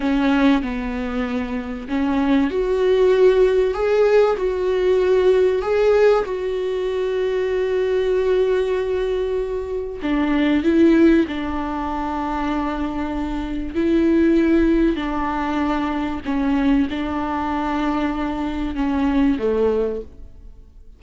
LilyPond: \new Staff \with { instrumentName = "viola" } { \time 4/4 \tempo 4 = 96 cis'4 b2 cis'4 | fis'2 gis'4 fis'4~ | fis'4 gis'4 fis'2~ | fis'1 |
d'4 e'4 d'2~ | d'2 e'2 | d'2 cis'4 d'4~ | d'2 cis'4 a4 | }